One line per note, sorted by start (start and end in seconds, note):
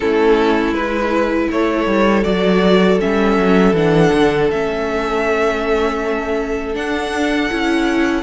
0.00 0.72 A3
0.00 0.75 C#4
0.00 1.51 E4
0.00 0.74 A4
0.72 1.47 G#3
0.72 2.23 E4
0.72 1.49 B4
1.51 1.86 A3
1.51 8.22 A4
1.51 2.23 C#5
1.86 2.24 G3
2.23 3.00 F#3
2.23 2.98 F#4
2.23 2.98 D5
2.99 3.37 G3
2.99 3.74 C#4
2.99 3.75 E5
3.37 3.72 F#3
3.72 4.10 E3
3.72 4.50 D4
3.72 4.50 F#5
4.13 4.50 D3
4.50 6.75 A3
4.50 6.73 C#4
4.50 6.75 E5
6.73 7.48 D4
6.73 7.50 D4
6.73 8.22 F#5
7.50 8.22 C#4
7.50 8.22 E4